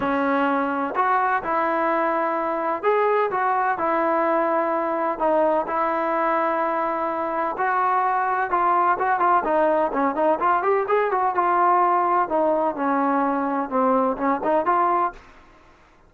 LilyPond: \new Staff \with { instrumentName = "trombone" } { \time 4/4 \tempo 4 = 127 cis'2 fis'4 e'4~ | e'2 gis'4 fis'4 | e'2. dis'4 | e'1 |
fis'2 f'4 fis'8 f'8 | dis'4 cis'8 dis'8 f'8 g'8 gis'8 fis'8 | f'2 dis'4 cis'4~ | cis'4 c'4 cis'8 dis'8 f'4 | }